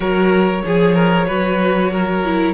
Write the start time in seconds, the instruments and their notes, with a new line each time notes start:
0.00 cello F#3, viola F#4, violin A#4 C#5
0.65 cello F3, violin G#4, viola G#4
0.94 violin A#4
1.27 cello F#3, viola F#4, violin B4
1.91 violin A#4
2.24 viola E4